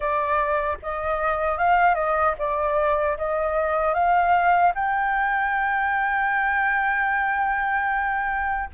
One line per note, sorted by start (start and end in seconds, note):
0.00 0.77 D5
0.82 1.58 D#5
1.58 1.94 F5
1.94 2.34 D#5
2.38 3.17 D5
3.17 3.94 D#5
3.94 4.73 F5
4.74 8.69 G5